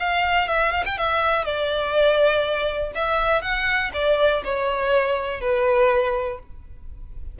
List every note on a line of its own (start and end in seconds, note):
0.00 0.48 F5
0.48 0.72 E5
0.72 0.84 F5
0.86 0.98 G5
0.98 1.45 E5
1.45 2.92 D5
2.95 3.42 E5
3.42 3.91 F#5
3.93 4.43 D5
4.45 5.41 C#5
5.41 6.39 B4